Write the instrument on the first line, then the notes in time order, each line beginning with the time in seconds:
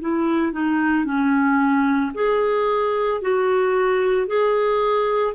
clarinet
0.00 E4
0.52 D#4
1.04 C#4
2.14 G#4
3.21 F#4
4.27 G#4